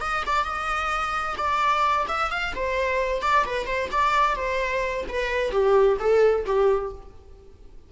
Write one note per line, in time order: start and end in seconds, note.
0.00 0.23 D#5
0.26 0.44 D5
0.44 1.35 D#5
1.37 2.06 D5
2.08 2.31 E5
2.31 2.54 F5
2.55 3.21 C5
3.21 3.44 D5
3.45 3.66 B4
3.66 3.89 C5
3.91 4.35 D5
4.35 5.04 C5
5.08 5.51 B4
5.51 5.97 G4
5.99 6.45 A4
6.45 6.91 G4